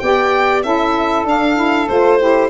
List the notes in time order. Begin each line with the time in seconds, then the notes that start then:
0.00 B3 G4 D5 G5
0.63 C#4 E4 A4 E5
1.25 D4 F5
1.56 E4
1.88 A3 F4 C5
2.18 E4 G4